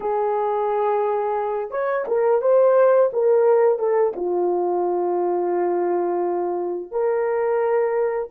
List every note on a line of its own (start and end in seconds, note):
0.00 1.70 G#4
1.70 2.05 C#5
2.07 2.41 A#4
2.41 3.10 C5
3.12 3.78 A#4
3.78 4.13 A4
4.15 6.91 F4
6.91 8.29 A#4